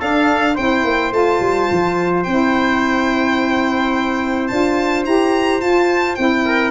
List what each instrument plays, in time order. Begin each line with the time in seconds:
0.00 saxophone D4, tuba D4, trumpet A4, violin F5
0.55 tuba C4, saxophone E4, trumpet C5, violin G5
0.84 tuba A#3
1.12 tuba A3, saxophone F4, violin A5
1.40 tuba G3
1.71 tuba F3
2.23 tuba C4, saxophone E4, violin G5
4.47 tuba D4, saxophone F4, violin A5
5.05 tuba E4, saxophone G4, violin A#5
5.61 tuba F4, saxophone F4, violin A5
6.15 tuba C4, saxophone E4, violin G5
6.46 trumpet A#4